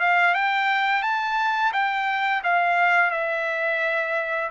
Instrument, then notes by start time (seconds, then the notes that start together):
trumpet
0.00 F5
0.34 G5
1.02 A5
1.73 G5
2.44 F5
3.11 E5